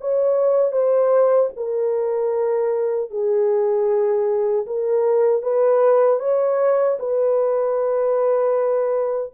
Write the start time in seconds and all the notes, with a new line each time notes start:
0.00 C#5
0.72 C5
1.56 A#4
3.10 G#4
4.66 A#4
5.42 B4
6.19 C#5
6.99 B4